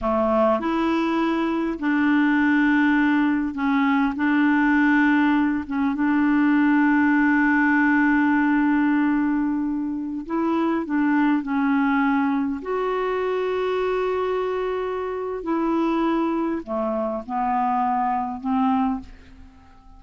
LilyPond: \new Staff \with { instrumentName = "clarinet" } { \time 4/4 \tempo 4 = 101 a4 e'2 d'4~ | d'2 cis'4 d'4~ | d'4. cis'8 d'2~ | d'1~ |
d'4~ d'16 e'4 d'4 cis'8.~ | cis'4~ cis'16 fis'2~ fis'8.~ | fis'2 e'2 | a4 b2 c'4 | }